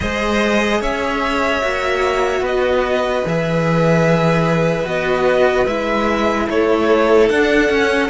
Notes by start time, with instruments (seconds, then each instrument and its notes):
0.00 cello G#3 G#4, violin C5 D#5
0.80 cello C#4, violin C#5 E5
1.61 cello A#3 F#4
2.40 cello B3, violin B4 D#5
3.25 cello E3 G#4, violin E5
4.85 cello B3 F#4, violin D#5
5.66 cello G#3 E4, violin E5
6.48 cello A3, violin A4 C#5
7.29 cello D4, violin F#5
7.68 cello C#4